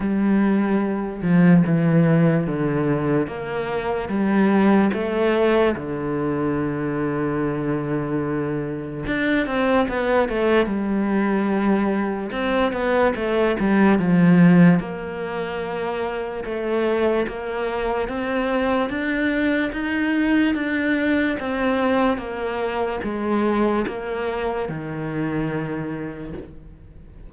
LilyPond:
\new Staff \with { instrumentName = "cello" } { \time 4/4 \tempo 4 = 73 g4. f8 e4 d4 | ais4 g4 a4 d4~ | d2. d'8 c'8 | b8 a8 g2 c'8 b8 |
a8 g8 f4 ais2 | a4 ais4 c'4 d'4 | dis'4 d'4 c'4 ais4 | gis4 ais4 dis2 | }